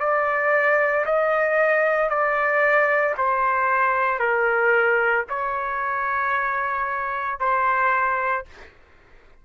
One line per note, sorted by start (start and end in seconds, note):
0.00 1.05 D5
1.06 2.10 D#5
2.10 3.15 D5
3.17 4.19 C5
4.19 5.24 A#4
5.29 7.40 C#5
7.40 8.45 C5